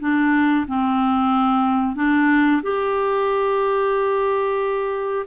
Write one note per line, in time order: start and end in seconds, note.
0.00 0.66 D4
0.68 1.96 C4
1.96 2.62 D4
2.63 5.27 G4